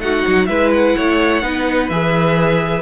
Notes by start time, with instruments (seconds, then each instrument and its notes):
0.00 cello A3, viola D#4, violin F#4 F#5
0.27 cello F#3
0.47 cello G#3, viola E4, violin B4 E5
0.73 violin F#5
0.97 cello A3, violin C#5
1.43 cello B3, viola D#4, violin B4
1.89 cello E3, viola G#4, violin E5